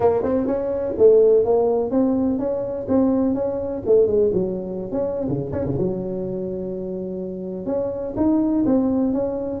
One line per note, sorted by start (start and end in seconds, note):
0.00 0.22 A#3
0.23 0.46 C4
0.46 0.94 C#4
0.97 1.44 A3
1.44 1.90 A#3
1.90 2.38 C4
2.38 2.86 C#4
2.88 3.34 C4
3.34 3.82 C#4
3.86 4.06 A3
4.06 4.30 G#3
4.33 4.91 F#3
4.91 5.27 C#4
5.28 5.52 C#3
5.52 5.64 C#4
5.65 5.77 C#3
5.78 7.66 F#3
7.66 8.14 C#4
8.16 8.64 D#4
8.65 9.13 C4
9.13 9.60 C#4